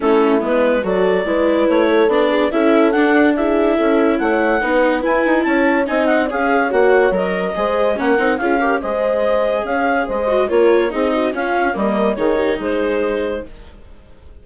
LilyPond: <<
  \new Staff \with { instrumentName = "clarinet" } { \time 4/4 \tempo 4 = 143 a'4 b'4 d''2 | cis''4 d''4 e''4 fis''4 | e''2 fis''2 | gis''4 a''4 gis''8 fis''8 f''4 |
fis''4 dis''2 fis''4 | f''4 dis''2 f''4 | dis''4 cis''4 dis''4 f''4 | dis''4 cis''4 c''2 | }
  \new Staff \with { instrumentName = "horn" } { \time 4/4 e'2 a'4 b'4~ | b'8 a'4 gis'8 a'2 | gis'4 a'4 cis''4 b'4~ | b'4 cis''4 dis''4 cis''4~ |
cis''2 c''4 ais'4 | gis'8 ais'8 c''2 cis''4 | c''4 ais'4 gis'8 fis'8 f'4 | ais'4 gis'8 g'8 gis'2 | }
  \new Staff \with { instrumentName = "viola" } { \time 4/4 cis'4 b4 fis'4 e'4~ | e'4 d'4 e'4 d'4 | e'2. dis'4 | e'2 dis'4 gis'4 |
fis'4 ais'4 gis'4 cis'8 dis'8 | f'8 g'8 gis'2.~ | gis'8 fis'8 f'4 dis'4 cis'4 | ais4 dis'2. | }
  \new Staff \with { instrumentName = "bassoon" } { \time 4/4 a4 gis4 fis4 gis4 | a4 b4 cis'4 d'4~ | d'4 cis'4 a4 b4 | e'8 dis'8 cis'4 c'4 cis'4 |
ais4 fis4 gis4 ais8 c'8 | cis'4 gis2 cis'4 | gis4 ais4 c'4 cis'4 | g4 dis4 gis2 | }
>>